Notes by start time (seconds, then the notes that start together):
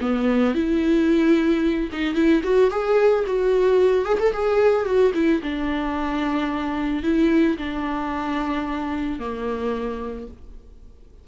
0.00 B3
0.54 E4
1.92 D#4
2.14 E4
2.43 F#4
2.70 G#4
3.26 F#4
4.04 G#4
4.19 A4
4.32 G#4
4.85 F#4
5.14 E4
5.42 D4
7.03 E4
7.57 D4
9.19 A#3